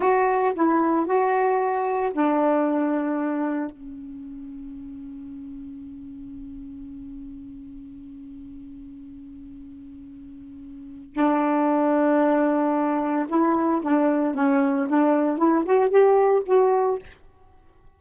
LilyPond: \new Staff \with { instrumentName = "saxophone" } { \time 4/4 \tempo 4 = 113 fis'4 e'4 fis'2 | d'2. cis'4~ | cis'1~ | cis'1~ |
cis'1~ | cis'4 d'2.~ | d'4 e'4 d'4 cis'4 | d'4 e'8 fis'8 g'4 fis'4 | }